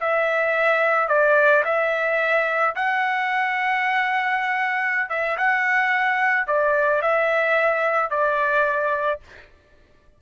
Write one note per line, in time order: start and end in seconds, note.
0.00 1.08 E5
1.08 1.63 D5
1.65 2.75 E5
2.75 5.09 F#5
5.09 5.37 E5
5.37 6.47 F#5
6.47 7.02 D5
7.02 8.10 E5
8.10 9.20 D5